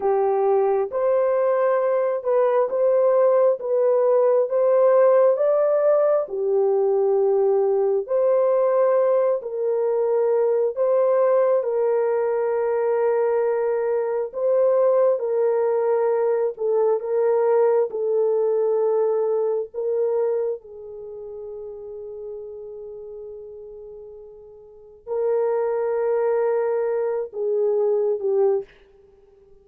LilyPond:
\new Staff \with { instrumentName = "horn" } { \time 4/4 \tempo 4 = 67 g'4 c''4. b'8 c''4 | b'4 c''4 d''4 g'4~ | g'4 c''4. ais'4. | c''4 ais'2. |
c''4 ais'4. a'8 ais'4 | a'2 ais'4 gis'4~ | gis'1 | ais'2~ ais'8 gis'4 g'8 | }